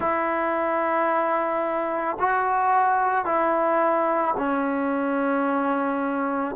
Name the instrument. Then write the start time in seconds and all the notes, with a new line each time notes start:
trombone
0.00 E4
2.19 F#4
3.25 E4
4.37 C#4